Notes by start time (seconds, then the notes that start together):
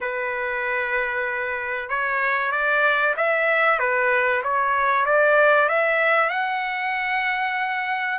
0.00 B4
1.89 C#5
2.51 D5
3.17 E5
3.79 B4
4.43 C#5
5.05 D5
5.68 E5
6.29 F#5